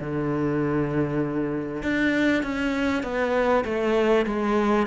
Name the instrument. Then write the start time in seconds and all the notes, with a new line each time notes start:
cello
0.00 D3
1.83 D4
2.43 C#4
3.03 B3
3.64 A3
4.26 G#3